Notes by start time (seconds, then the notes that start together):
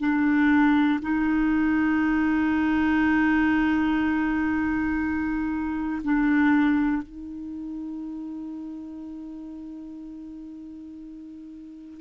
0.00 D4
1.03 D#4
6.04 D4
7.03 D#4